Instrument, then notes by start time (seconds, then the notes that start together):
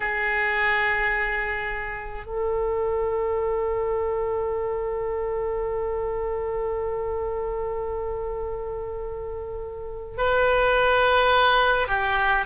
oboe
0.00 G#4
2.25 A4
10.17 B4
11.87 G4